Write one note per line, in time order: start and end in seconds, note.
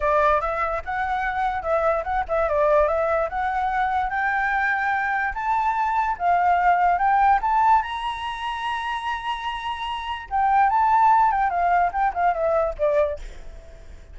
0.00 0.40 D5
0.40 0.81 E5
0.84 1.62 F#5
1.62 2.03 E5
2.03 2.24 F#5
2.28 2.48 E5
2.48 2.87 D5
2.87 3.29 E5
3.29 4.10 F#5
4.10 5.33 G5
5.34 6.16 A5
6.18 6.98 F5
6.98 7.39 G5
7.41 7.82 A5
7.82 10.29 A#5
10.30 10.69 G5
10.69 11.31 A5
11.31 11.50 G5
11.50 11.91 F5
11.92 12.13 G5
12.14 12.33 F5
12.33 12.74 E5
12.78 13.19 D5